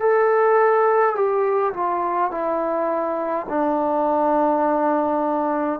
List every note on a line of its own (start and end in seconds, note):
0.00 1.15 A4
1.15 1.73 G4
1.73 2.31 F4
2.31 3.46 E4
3.49 5.80 D4